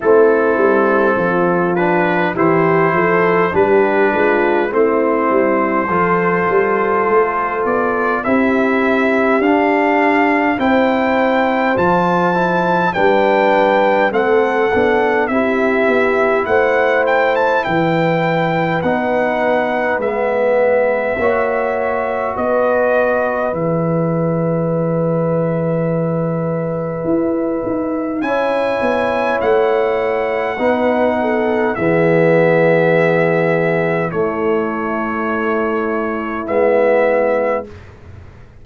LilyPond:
<<
  \new Staff \with { instrumentName = "trumpet" } { \time 4/4 \tempo 4 = 51 a'4. b'8 c''4 b'4 | c''2~ c''8 d''8 e''4 | f''4 g''4 a''4 g''4 | fis''4 e''4 fis''8 g''16 a''16 g''4 |
fis''4 e''2 dis''4 | e''1 | gis''4 fis''2 e''4~ | e''4 cis''2 e''4 | }
  \new Staff \with { instrumentName = "horn" } { \time 4/4 e'4 f'4 g'8 a'8 g'8 f'8 | e'4 a'2 g'4~ | g'4 c''2 b'4 | a'4 g'4 c''4 b'4~ |
b'2 cis''4 b'4~ | b'1 | cis''2 b'8 a'8 gis'4~ | gis'4 e'2. | }
  \new Staff \with { instrumentName = "trombone" } { \time 4/4 c'4. d'8 e'4 d'4 | c'4 f'2 e'4 | d'4 e'4 f'8 e'8 d'4 | c'8 d'8 e'2. |
dis'4 b4 fis'2 | gis'1 | e'2 dis'4 b4~ | b4 a2 b4 | }
  \new Staff \with { instrumentName = "tuba" } { \time 4/4 a8 g8 f4 e8 f8 g8 gis8 | a8 g8 f8 g8 a8 b8 c'4 | d'4 c'4 f4 g4 | a8 b8 c'8 b8 a4 e4 |
b4 gis4 ais4 b4 | e2. e'8 dis'8 | cis'8 b8 a4 b4 e4~ | e4 a2 gis4 | }
>>